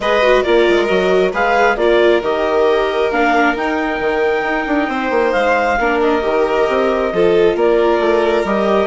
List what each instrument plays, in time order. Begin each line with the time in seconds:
0.00 bassoon G#3, viola G#4, violin B4, clarinet D#5
0.22 viola F#4
0.42 bassoon A#3, viola F4, violin A#4, clarinet D5
0.68 bassoon G#3
0.86 bassoon F#3, viola F#4, clarinet D#5
1.32 bassoon G#3, viola G#4, violin B4, clarinet F5
1.76 bassoon A#3, viola F4, violin A#4, clarinet D5
2.21 bassoon D#3, viola G4, clarinet D#5
3.11 bassoon A#3, viola D4, clarinet F5
3.55 bassoon D#4, viola D#4, clarinet G5
4.00 bassoon D#3
4.42 bassoon D#4
4.67 bassoon D4
4.88 bassoon C4, violin C5
5.10 bassoon A#3
5.32 bassoon G#3, clarinet F5
5.78 bassoon A#3, viola D4, violin A#4
6.01 clarinet D#5
6.21 bassoon D#3, viola G4
6.68 bassoon C4
7.12 bassoon F3, viola F4, violin A4
7.55 bassoon A#3, violin A#4, clarinet D5
7.99 bassoon A3
8.44 bassoon G3, viola G4, clarinet D#5